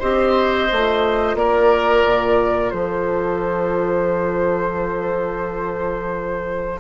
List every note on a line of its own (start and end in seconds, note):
0.00 0.71 C4
0.00 0.69 G4
0.00 1.36 C5
0.00 1.37 D#5
0.69 1.35 A3
0.69 6.81 F4
1.35 2.03 A#3
1.35 2.73 A#4
1.35 2.71 D5
2.05 2.73 A#2
2.71 6.81 F3
2.71 6.81 A4
2.71 6.80 C5